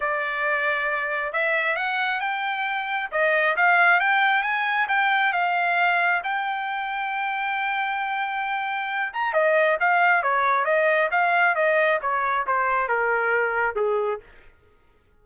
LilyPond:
\new Staff \with { instrumentName = "trumpet" } { \time 4/4 \tempo 4 = 135 d''2. e''4 | fis''4 g''2 dis''4 | f''4 g''4 gis''4 g''4 | f''2 g''2~ |
g''1~ | g''8 ais''8 dis''4 f''4 cis''4 | dis''4 f''4 dis''4 cis''4 | c''4 ais'2 gis'4 | }